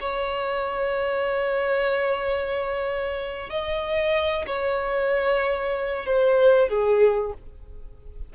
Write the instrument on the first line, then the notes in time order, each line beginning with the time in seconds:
violin
0.00 C#5
3.49 D#5
4.47 C#5
6.06 C5
6.69 G#4